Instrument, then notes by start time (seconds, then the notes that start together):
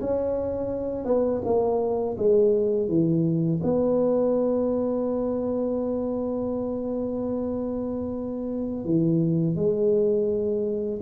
tuba
0.00 C#4
1.05 B3
1.44 A#3
2.17 G#3
2.88 E3
3.63 B3
8.85 E3
9.55 G#3